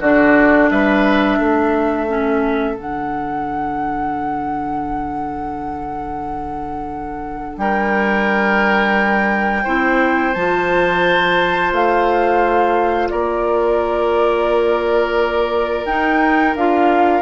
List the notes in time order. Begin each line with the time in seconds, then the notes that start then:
0.00 D3 D4 F#4 D5
0.70 G3 B4 E5
1.39 A3 A4
2.08 C#4
2.75 D3 D4 F#5
7.57 G3 A#4 G5
9.64 C4 E4 C5
10.34 F3 F4 A5
11.72 A3 F5
13.10 A#3 A#4 D5
15.85 D#4 G5
16.55 D4 F4 F5